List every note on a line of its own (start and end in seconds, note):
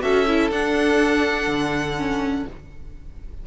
0.00 0.50 C#4
0.00 0.24 F#4
0.00 2.46 A4
0.00 0.50 E5
0.27 0.51 E4
0.50 1.47 D4
0.50 1.97 D4
0.50 2.46 F#5
1.47 2.44 D3
1.97 2.46 C#4